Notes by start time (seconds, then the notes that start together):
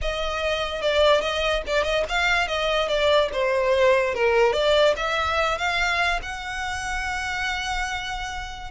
0.01 D#5
0.81 D5
1.21 D#5
1.66 D5
1.83 D#5
2.09 F5
2.47 D#5
2.88 D5
3.33 C5
4.14 A#4
4.53 D5
4.96 E5
5.58 F5
6.22 F#5